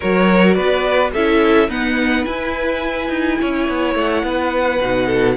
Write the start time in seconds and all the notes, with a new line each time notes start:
0.00 F#3 F#4 A#4 C#5
0.53 B3 B4 D5
1.12 C#4 E4 A4 E5
1.68 B3 D#4 B4 F#5
2.24 E4 G#5
3.09 D#4
3.40 C#4 C#5
3.68 B3
3.94 A3 F#5
4.23 B3 B4
4.81 B2 D#4
5.06 A4